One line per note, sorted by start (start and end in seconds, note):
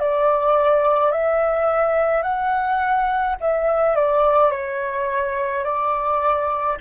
0.00 1.12 D5
1.12 2.23 E5
2.23 3.36 F#5
3.41 3.96 E5
3.96 4.52 D5
4.52 5.65 C#5
5.65 6.78 D5